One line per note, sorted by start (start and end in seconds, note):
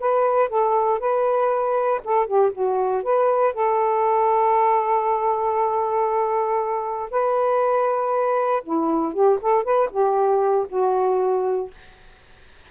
0.00 0.49 B4
0.49 0.99 A4
0.99 2.01 B4
2.04 2.27 A4
2.27 2.52 G4
2.52 3.03 F#4
3.03 3.54 B4
3.54 7.10 A4
7.10 8.63 B4
8.63 9.13 E4
9.13 9.39 G4
9.41 9.64 A4
9.64 9.89 B4
9.91 10.67 G4
10.69 11.71 F#4